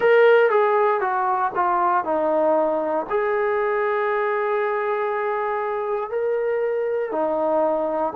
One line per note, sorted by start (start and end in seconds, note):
0.00 0.50 A#4
0.50 1.00 G#4
1.00 1.51 F#4
1.55 2.04 F4
2.04 3.06 D#4
3.09 6.10 G#4
6.10 7.11 A#4
7.11 8.13 D#4